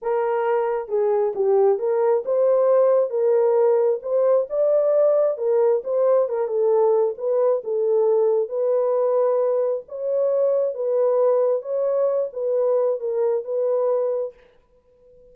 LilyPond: \new Staff \with { instrumentName = "horn" } { \time 4/4 \tempo 4 = 134 ais'2 gis'4 g'4 | ais'4 c''2 ais'4~ | ais'4 c''4 d''2 | ais'4 c''4 ais'8 a'4. |
b'4 a'2 b'4~ | b'2 cis''2 | b'2 cis''4. b'8~ | b'4 ais'4 b'2 | }